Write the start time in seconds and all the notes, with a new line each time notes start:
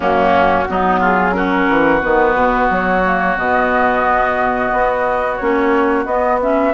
0.00 F#2 A#3 C#4 F#4
0.68 F#3 B3 D#4
0.99 F4 G#4
1.32 C#4 F#4 A#4
1.69 E3
2.01 D#3 B3 B4
2.35 B2
2.70 F#3 C#5
3.04 A#3
3.36 B2 B3 D#5
4.72 B3
5.36 A#3 C#4 C#5
6.05 B3 D#5
6.40 C#4 E5